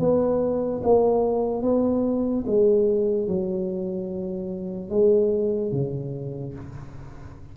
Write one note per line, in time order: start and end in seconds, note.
0.00 0.82 B3
0.84 1.63 A#3
1.63 2.45 B3
2.47 3.28 G#3
3.28 4.90 F#3
4.90 5.72 G#3
5.72 6.55 C#3